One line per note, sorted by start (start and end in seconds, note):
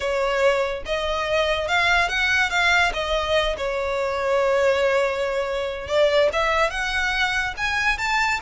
0.00 0.83 C#5
0.85 1.68 D#5
1.68 2.09 F5
2.09 2.50 F#5
2.50 2.92 F5
2.93 3.56 D#5
3.57 5.87 C#5
5.87 6.29 D5
6.32 6.70 E5
6.70 7.54 F#5
7.57 7.98 G#5
7.98 8.40 A5